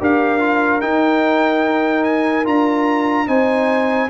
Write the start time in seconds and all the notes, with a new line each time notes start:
0.00 D4 G4 A#4 F5
0.40 F4
0.81 D#4 G5
2.04 G#5
2.45 D4 F4 A#5
3.27 C4 D#4 C5 G#5